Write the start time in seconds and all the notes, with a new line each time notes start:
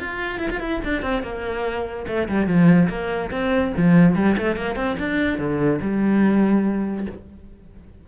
0.00 F4
0.39 E4
0.51 F4
0.60 E4
0.84 D4
1.03 C4
1.23 A#3
2.08 A3
2.29 G3
2.47 F3
2.89 A#3
3.31 C4
3.77 F3
4.16 G3
4.38 A3
4.57 A#3
4.76 C4
4.99 D4
5.38 D3
5.82 G3